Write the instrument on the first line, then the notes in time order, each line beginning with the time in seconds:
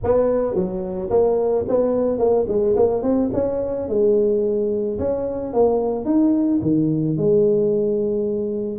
tuba
0.03 B3
0.54 F#3
1.10 A#3
1.68 B3
2.18 A#3
2.48 G#3
2.75 A#3
3.02 C4
3.33 C#4
3.88 G#3
4.98 C#4
5.53 A#3
6.05 D#4
6.62 D#3
7.17 G#3